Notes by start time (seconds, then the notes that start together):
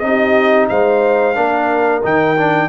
0.00 C4 D#4 D#5
0.07 G4
0.69 G#3 C5 F5
1.35 A#3 D4 A#4
2.03 D#3 D#4 G5
2.38 D4